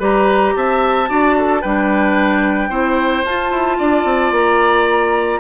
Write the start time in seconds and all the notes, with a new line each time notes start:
0.00 G3 G4 B4 A#5
0.56 C4 E5 A5
1.08 D4 F#4 D5
1.38 A4
1.62 G3 D4 B4 G5
2.70 C4 E4 C5
3.25 F4 A5
3.51 E4
3.79 D4 D5
4.05 C4
4.32 A#3 A#5